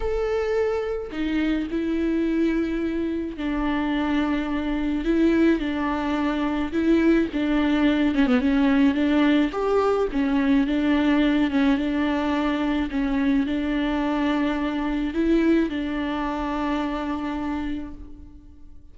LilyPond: \new Staff \with { instrumentName = "viola" } { \time 4/4 \tempo 4 = 107 a'2 dis'4 e'4~ | e'2 d'2~ | d'4 e'4 d'2 | e'4 d'4. cis'16 b16 cis'4 |
d'4 g'4 cis'4 d'4~ | d'8 cis'8 d'2 cis'4 | d'2. e'4 | d'1 | }